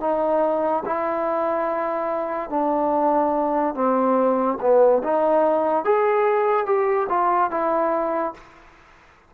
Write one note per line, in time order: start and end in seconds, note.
0.00 0.83 D#4
0.85 2.49 E4
2.49 3.74 D4
3.74 4.58 C4
4.60 5.02 B3
5.03 5.84 D#4
5.84 6.66 G#4
6.66 7.07 G4
7.09 7.50 F4
7.50 8.34 E4